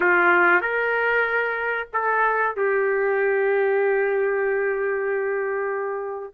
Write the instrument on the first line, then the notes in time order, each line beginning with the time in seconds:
trumpet
0.00 F4
0.61 A#4
1.93 A4
2.56 G4